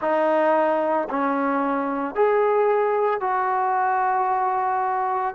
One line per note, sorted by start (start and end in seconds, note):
0.00 1.08 D#4
1.09 2.15 C#4
2.15 3.20 G#4
3.20 5.34 F#4